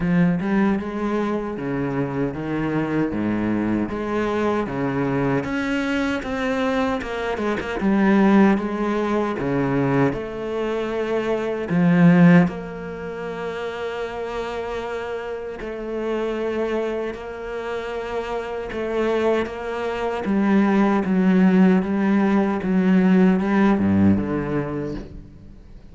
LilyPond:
\new Staff \with { instrumentName = "cello" } { \time 4/4 \tempo 4 = 77 f8 g8 gis4 cis4 dis4 | gis,4 gis4 cis4 cis'4 | c'4 ais8 gis16 ais16 g4 gis4 | cis4 a2 f4 |
ais1 | a2 ais2 | a4 ais4 g4 fis4 | g4 fis4 g8 g,8 d4 | }